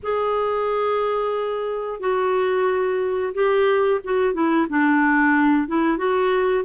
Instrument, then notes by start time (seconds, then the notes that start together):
clarinet
0.02 G#4
2.00 F#4
3.33 G4
4.03 F#4
4.33 E4
4.69 D4
5.67 E4
5.97 F#4